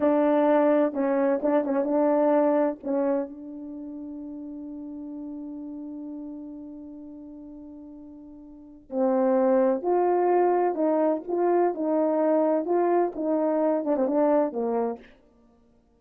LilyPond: \new Staff \with { instrumentName = "horn" } { \time 4/4 \tempo 4 = 128 d'2 cis'4 d'8 cis'8 | d'2 cis'4 d'4~ | d'1~ | d'1~ |
d'2. c'4~ | c'4 f'2 dis'4 | f'4 dis'2 f'4 | dis'4. d'16 c'16 d'4 ais4 | }